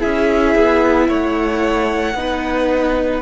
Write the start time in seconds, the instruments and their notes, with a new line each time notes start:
0.00 cello C#4, viola E4, violin G#4 E5
0.55 cello B3
1.08 cello A3, violin C#5 F#5
2.14 cello B3, viola D#4, violin B4